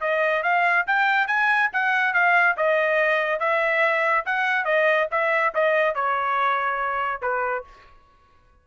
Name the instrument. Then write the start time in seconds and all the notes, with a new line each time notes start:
trumpet
0.00 D#5
0.43 F5
0.87 G5
1.27 G#5
1.73 F#5
2.13 F5
2.57 D#5
3.39 E5
4.26 F#5
4.65 D#5
5.11 E5
5.54 D#5
5.95 C#5
7.21 B4